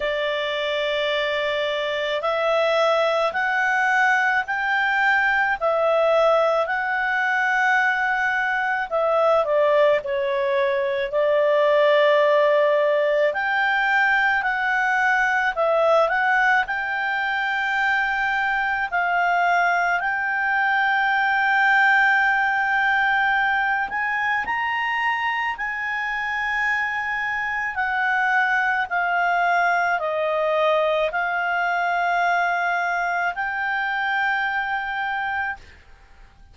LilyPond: \new Staff \with { instrumentName = "clarinet" } { \time 4/4 \tempo 4 = 54 d''2 e''4 fis''4 | g''4 e''4 fis''2 | e''8 d''8 cis''4 d''2 | g''4 fis''4 e''8 fis''8 g''4~ |
g''4 f''4 g''2~ | g''4. gis''8 ais''4 gis''4~ | gis''4 fis''4 f''4 dis''4 | f''2 g''2 | }